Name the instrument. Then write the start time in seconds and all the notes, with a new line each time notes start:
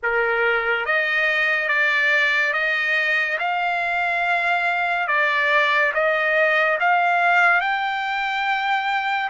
trumpet
0.02 A#4
0.85 D#5
1.68 D5
2.53 D#5
3.38 F5
5.07 D5
5.94 D#5
6.80 F5
7.60 G5